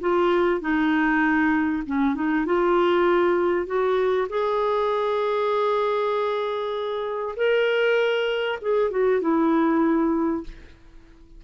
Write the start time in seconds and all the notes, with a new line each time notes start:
0.00 F4
0.60 D#4
1.86 C#4
2.15 D#4
2.45 F4
3.66 F#4
4.29 G#4
7.36 A#4
8.61 G#4
8.91 F#4
9.21 E4